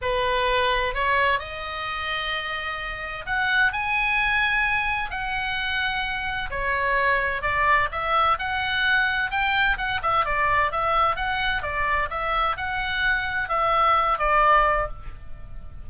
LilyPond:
\new Staff \with { instrumentName = "oboe" } { \time 4/4 \tempo 4 = 129 b'2 cis''4 dis''4~ | dis''2. fis''4 | gis''2. fis''4~ | fis''2 cis''2 |
d''4 e''4 fis''2 | g''4 fis''8 e''8 d''4 e''4 | fis''4 d''4 e''4 fis''4~ | fis''4 e''4. d''4. | }